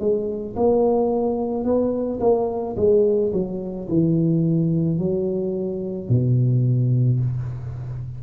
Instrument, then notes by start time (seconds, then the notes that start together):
tuba
0.00 G#3
0.56 A#3
1.64 B3
2.20 A#3
2.77 G#3
3.33 F#3
3.89 E3
4.99 F#3
6.09 B2